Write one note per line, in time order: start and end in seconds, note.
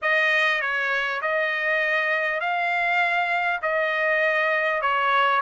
0.02 0.61 D#5
0.61 1.21 C#5
1.21 2.40 D#5
2.40 3.60 F5
3.62 4.81 D#5
4.81 5.41 C#5